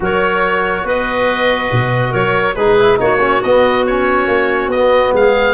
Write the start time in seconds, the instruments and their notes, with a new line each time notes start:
0.00 tuba F#3, trombone F#4, clarinet A#4, oboe C#5
0.83 tuba B3, clarinet B4, oboe D#5
1.71 tuba B2
2.10 tuba F#3, clarinet A#4, oboe C#5
2.55 tuba G#3, trombone D#4, clarinet G#4, oboe B4
2.78 trombone E4
2.97 tuba A#3, trombone D#4, clarinet F#4, oboe C#5
3.20 trombone C#4
3.42 tuba B3, trombone B3, oboe D#5
3.86 trombone C#4, oboe C#5
4.27 tuba A#3
4.67 tuba B3, oboe D#5
4.75 trombone B3
5.12 tuba G#3, clarinet G#4, oboe F5